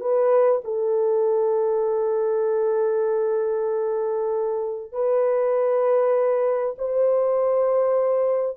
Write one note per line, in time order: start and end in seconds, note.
0.00 0.61 B4
0.64 4.92 A4
4.92 6.75 B4
6.78 8.57 C5